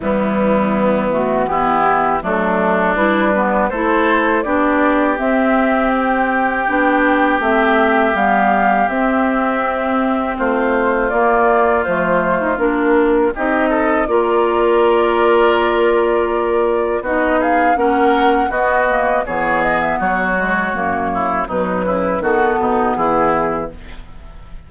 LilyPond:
<<
  \new Staff \with { instrumentName = "flute" } { \time 4/4 \tempo 4 = 81 e'4. fis'8 g'4 a'4 | b'4 c''4 d''4 e''4 | g''2 e''4 f''4 | e''2 c''4 d''4 |
c''4 ais'4 dis''4 d''4~ | d''2. dis''8 f''8 | fis''4 dis''4 cis''8 dis''16 e''16 cis''4~ | cis''4 b'4 a'4 gis'4 | }
  \new Staff \with { instrumentName = "oboe" } { \time 4/4 b2 e'4 d'4~ | d'4 a'4 g'2~ | g'1~ | g'2 f'2~ |
f'2 g'8 a'8 ais'4~ | ais'2. fis'8 gis'8 | ais'4 fis'4 gis'4 fis'4~ | fis'8 e'8 dis'8 e'8 fis'8 dis'8 e'4 | }
  \new Staff \with { instrumentName = "clarinet" } { \time 4/4 g4. a8 b4 a4 | e'8 b8 e'4 d'4 c'4~ | c'4 d'4 c'4 b4 | c'2. ais4 |
a4 d'4 dis'4 f'4~ | f'2. dis'4 | cis'4 b8 ais8 b4. gis8 | ais4 fis4 b2 | }
  \new Staff \with { instrumentName = "bassoon" } { \time 4/4 e2. fis4 | g4 a4 b4 c'4~ | c'4 b4 a4 g4 | c'2 a4 ais4 |
f8. dis'16 ais4 c'4 ais4~ | ais2. b4 | ais4 b4 e4 fis4 | fis,4 b,8 cis8 dis8 b,8 e4 | }
>>